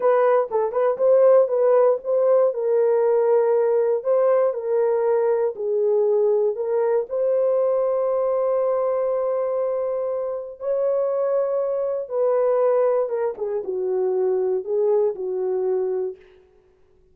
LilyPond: \new Staff \with { instrumentName = "horn" } { \time 4/4 \tempo 4 = 119 b'4 a'8 b'8 c''4 b'4 | c''4 ais'2. | c''4 ais'2 gis'4~ | gis'4 ais'4 c''2~ |
c''1~ | c''4 cis''2. | b'2 ais'8 gis'8 fis'4~ | fis'4 gis'4 fis'2 | }